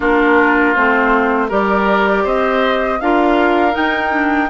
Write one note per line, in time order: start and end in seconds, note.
0.00 0.75 A#3
0.00 0.75 D4
0.00 1.47 F4
0.00 0.74 A#4
0.74 1.50 A3
0.74 1.49 C4
0.74 1.49 C5
1.48 2.25 G3
1.48 2.99 G4
1.48 2.23 A#4
1.48 2.26 D5
2.23 3.00 C4
2.23 2.98 C5
2.23 3.00 D#5
3.00 3.75 D4
3.00 3.72 F4
3.00 4.49 A#4
3.00 3.75 F5
3.72 4.09 D#4
3.72 4.49 D#4
3.72 4.49 G5
4.10 4.48 D4